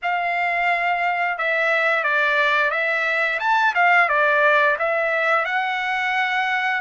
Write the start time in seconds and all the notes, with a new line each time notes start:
0.02 F5
1.38 E5
2.03 D5
2.71 E5
3.39 A5
3.74 F5
4.08 D5
4.79 E5
5.45 F#5